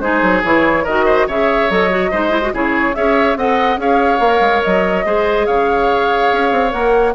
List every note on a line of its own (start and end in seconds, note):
0.00 0.21 G#3
0.00 0.44 D#4
0.00 0.83 G#4
0.00 0.42 C5
0.22 0.43 F#3
0.43 0.85 E3
0.43 0.86 E4
0.43 0.85 C#5
0.83 1.27 D#3
0.83 1.30 F#4
0.83 1.04 A#4
0.83 1.27 D#5
1.05 1.26 C5
1.27 1.69 C#3
1.27 1.70 G#4
1.27 2.10 C#5
1.27 1.70 E5
1.69 2.11 F#3
1.69 1.90 A4
1.69 2.54 D#5
1.90 2.11 F#4
2.10 2.53 G#3
2.10 2.30 D#4
2.10 2.52 C5
2.30 2.40 E4
2.41 2.52 F#4
2.53 2.94 C#3
2.53 2.94 E4
2.53 2.95 G#4
2.53 2.95 C#5
2.94 3.36 C#4
2.94 3.36 G#4
2.94 3.38 C#5
2.94 3.37 E5
3.36 3.77 C4
3.36 3.78 A4
3.36 3.80 D#5
3.36 3.79 F#5
3.77 4.19 C#4
3.77 4.19 G#4
3.77 5.05 C#5
3.77 4.63 F5
4.20 4.40 A#3
4.20 5.05 A#4
4.40 4.61 G#3
4.63 5.05 F#3
4.63 5.46 D#5
5.05 5.47 G#3
5.05 6.70 G#4
5.05 5.46 C5
5.46 6.31 C#3
5.46 7.14 C#5
5.46 6.72 F5
6.32 6.51 C#4
6.51 6.72 C4
6.70 7.15 A#3
6.70 7.12 A#4
6.70 7.14 F#5